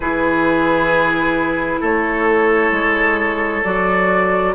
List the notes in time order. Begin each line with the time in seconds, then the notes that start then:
0.00 E3 E4 G#4 B4
1.80 A3 A4 C#5
2.71 G#3
3.63 F#3 F#4 D5